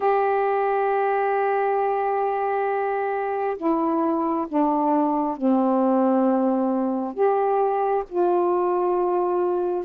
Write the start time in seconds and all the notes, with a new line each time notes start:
0.00 G4
3.57 E4
4.48 D4
5.36 C4
7.14 G4
8.08 F4